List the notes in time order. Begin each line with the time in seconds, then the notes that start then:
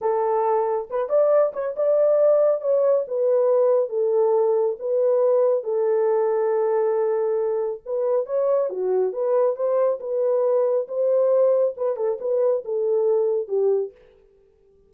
0.01 A4
0.90 B4
1.09 D5
1.53 C#5
1.75 D5
2.61 C#5
3.07 B4
3.89 A4
4.79 B4
5.63 A4
7.85 B4
8.25 C#5
8.69 F#4
9.12 B4
9.55 C5
10.00 B4
10.87 C5
11.76 B4
11.96 A4
12.20 B4
12.65 A4
13.48 G4